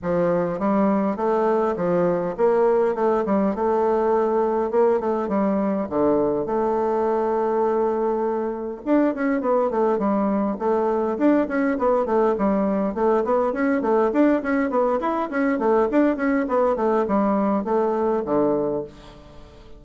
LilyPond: \new Staff \with { instrumentName = "bassoon" } { \time 4/4 \tempo 4 = 102 f4 g4 a4 f4 | ais4 a8 g8 a2 | ais8 a8 g4 d4 a4~ | a2. d'8 cis'8 |
b8 a8 g4 a4 d'8 cis'8 | b8 a8 g4 a8 b8 cis'8 a8 | d'8 cis'8 b8 e'8 cis'8 a8 d'8 cis'8 | b8 a8 g4 a4 d4 | }